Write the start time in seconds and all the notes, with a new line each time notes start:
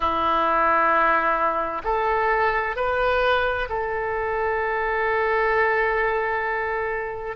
0.00 E4
1.84 A4
2.76 B4
3.69 A4